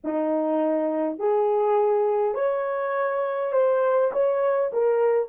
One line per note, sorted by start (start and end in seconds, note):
0.03 1.18 D#4
1.18 2.34 G#4
2.34 3.52 C#5
3.52 4.11 C5
4.12 4.71 C#5
4.72 5.28 A#4